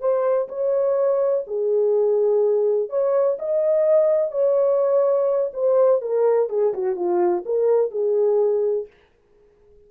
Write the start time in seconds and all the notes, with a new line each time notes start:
0.00 C5
0.48 C#5
1.47 G#4
2.89 C#5
3.39 D#5
4.31 C#5
5.54 C5
6.01 A#4
6.49 G#4
6.74 F#4
6.96 F4
7.45 A#4
7.91 G#4